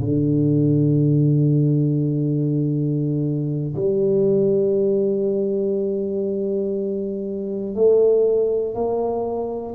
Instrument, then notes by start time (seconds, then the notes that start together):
tuba
0.00 D3
3.75 G3
7.75 A3
8.75 A#3